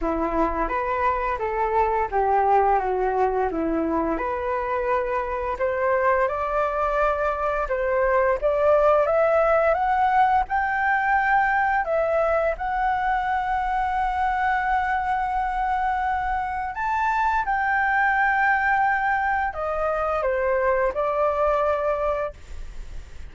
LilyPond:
\new Staff \with { instrumentName = "flute" } { \time 4/4 \tempo 4 = 86 e'4 b'4 a'4 g'4 | fis'4 e'4 b'2 | c''4 d''2 c''4 | d''4 e''4 fis''4 g''4~ |
g''4 e''4 fis''2~ | fis''1 | a''4 g''2. | dis''4 c''4 d''2 | }